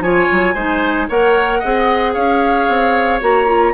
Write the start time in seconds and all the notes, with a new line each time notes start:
0.00 F3 F4 C#5 G#5
0.32 F#3
0.54 G#3 D#4 C5
1.09 A#3 A#4 C#5 F#5
1.60 C4 G#4 D#5
2.14 C#4 C#5 F5
2.69 C4
3.21 A#3 F#4 A#5
3.47 F4